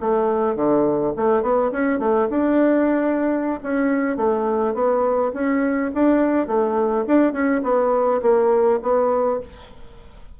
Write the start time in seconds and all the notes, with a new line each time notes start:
0.00 A3
0.55 D3
1.16 A3
1.42 B3
1.71 C#4
1.99 A3
2.30 D4
3.63 C#4
4.17 A3
4.74 B3
5.33 C#4
5.94 D4
6.47 A3
7.07 D4
7.33 C#4
7.63 B3
8.22 A#3
8.82 B3